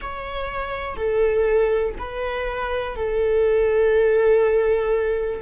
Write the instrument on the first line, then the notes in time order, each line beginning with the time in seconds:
viola
0.00 C#5
0.96 A4
1.98 B4
2.95 A4